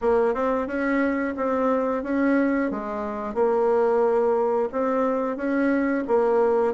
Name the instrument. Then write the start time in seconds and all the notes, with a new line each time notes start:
bassoon
0.01 A#3
0.34 C4
0.67 C#4
1.37 C4
2.03 C#4
2.71 G#3
3.34 A#3
4.72 C4
5.36 C#4
6.07 A#3